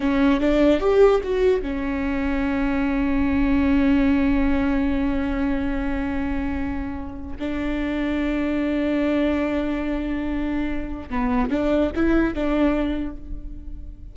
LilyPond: \new Staff \with { instrumentName = "viola" } { \time 4/4 \tempo 4 = 146 cis'4 d'4 g'4 fis'4 | cis'1~ | cis'1~ | cis'1~ |
cis'2 d'2~ | d'1~ | d'2. b4 | d'4 e'4 d'2 | }